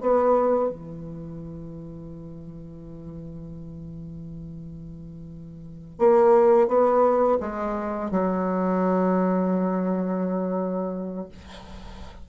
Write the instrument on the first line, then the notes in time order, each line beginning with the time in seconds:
bassoon
0.00 B3
0.69 E3
5.98 A#3
6.67 B3
7.40 G#3
8.10 F#3